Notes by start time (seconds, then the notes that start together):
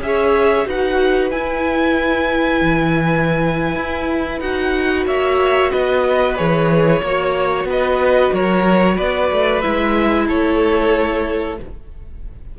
0.00 C#4 G#4 E5
0.07 C#5
0.65 D#4 F#4 B4 F#5
1.31 E4 G#5
2.61 E3
3.76 E4
4.40 D#4 F#4 F#5
5.06 A#3 C#5 E5
5.72 B3 B4 D#5
6.37 E3 G#4 C#5
7.02 A#3 F#4 C#5
7.65 B3 B4 D#5
8.33 F#3 A#4 C#5
8.95 B3 B4 D5
9.31 A3
9.62 G#3 E4 E5
10.28 A3 A4 C#5